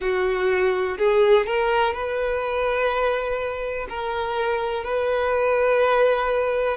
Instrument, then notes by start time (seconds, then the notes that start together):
violin
0.00 F#4
0.98 G#4
1.46 A#4
1.94 B4
3.89 A#4
4.83 B4